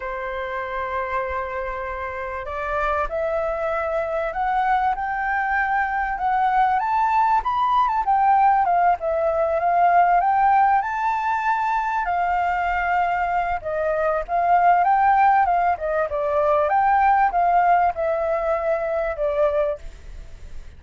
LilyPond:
\new Staff \with { instrumentName = "flute" } { \time 4/4 \tempo 4 = 97 c''1 | d''4 e''2 fis''4 | g''2 fis''4 a''4 | b''8. a''16 g''4 f''8 e''4 f''8~ |
f''8 g''4 a''2 f''8~ | f''2 dis''4 f''4 | g''4 f''8 dis''8 d''4 g''4 | f''4 e''2 d''4 | }